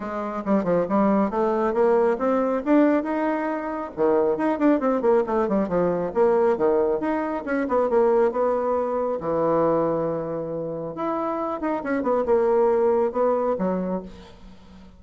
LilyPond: \new Staff \with { instrumentName = "bassoon" } { \time 4/4 \tempo 4 = 137 gis4 g8 f8 g4 a4 | ais4 c'4 d'4 dis'4~ | dis'4 dis4 dis'8 d'8 c'8 ais8 | a8 g8 f4 ais4 dis4 |
dis'4 cis'8 b8 ais4 b4~ | b4 e2.~ | e4 e'4. dis'8 cis'8 b8 | ais2 b4 fis4 | }